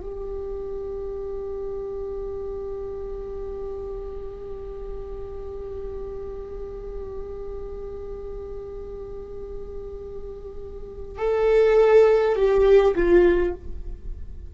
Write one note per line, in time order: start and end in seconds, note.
0.00 11.18 G4
11.18 12.35 A4
12.35 12.94 G4
12.95 13.53 F4